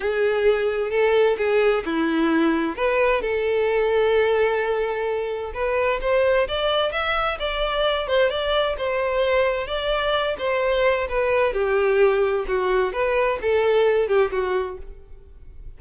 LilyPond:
\new Staff \with { instrumentName = "violin" } { \time 4/4 \tempo 4 = 130 gis'2 a'4 gis'4 | e'2 b'4 a'4~ | a'1 | b'4 c''4 d''4 e''4 |
d''4. c''8 d''4 c''4~ | c''4 d''4. c''4. | b'4 g'2 fis'4 | b'4 a'4. g'8 fis'4 | }